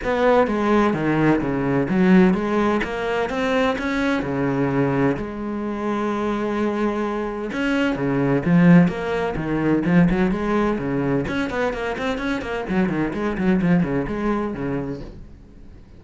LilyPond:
\new Staff \with { instrumentName = "cello" } { \time 4/4 \tempo 4 = 128 b4 gis4 dis4 cis4 | fis4 gis4 ais4 c'4 | cis'4 cis2 gis4~ | gis1 |
cis'4 cis4 f4 ais4 | dis4 f8 fis8 gis4 cis4 | cis'8 b8 ais8 c'8 cis'8 ais8 fis8 dis8 | gis8 fis8 f8 cis8 gis4 cis4 | }